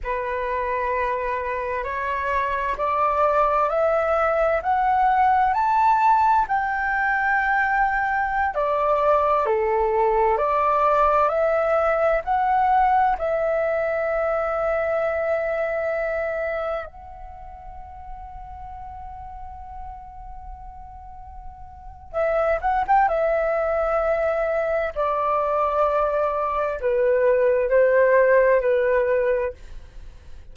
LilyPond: \new Staff \with { instrumentName = "flute" } { \time 4/4 \tempo 4 = 65 b'2 cis''4 d''4 | e''4 fis''4 a''4 g''4~ | g''4~ g''16 d''4 a'4 d''8.~ | d''16 e''4 fis''4 e''4.~ e''16~ |
e''2~ e''16 fis''4.~ fis''16~ | fis''1 | e''8 fis''16 g''16 e''2 d''4~ | d''4 b'4 c''4 b'4 | }